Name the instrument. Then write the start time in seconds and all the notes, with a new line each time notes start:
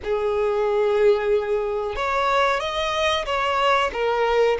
violin
0.03 G#4
1.95 C#5
2.60 D#5
3.25 C#5
3.92 A#4